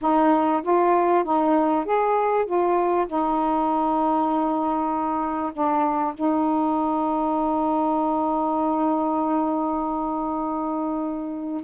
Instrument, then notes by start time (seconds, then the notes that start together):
saxophone
0.01 D#4
0.62 F4
1.24 D#4
1.85 G#4
2.45 F4
3.07 D#4
5.52 D4
6.14 D#4